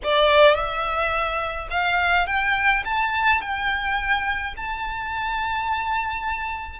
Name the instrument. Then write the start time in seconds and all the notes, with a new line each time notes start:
violin
0.03 D5
0.55 E5
1.70 F5
2.26 G5
2.84 A5
3.41 G5
4.56 A5